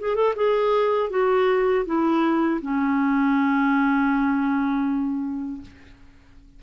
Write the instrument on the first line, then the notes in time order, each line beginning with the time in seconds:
clarinet
0.00 G#4
0.15 A4
0.35 G#4
1.10 F#4
1.85 E4
2.61 C#4